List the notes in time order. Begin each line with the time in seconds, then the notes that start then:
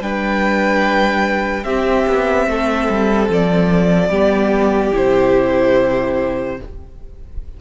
0.00 G3 D4 B4 G5
1.64 C4 G4 E5
2.07 B3
2.47 A3 A4
2.89 G3
3.29 F3 D5
4.09 G3 B3 G4
4.93 C3 E4 C5